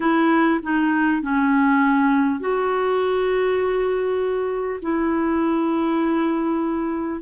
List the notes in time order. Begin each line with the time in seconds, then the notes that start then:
0.00 E4
0.62 D#4
1.22 C#4
2.40 F#4
4.82 E4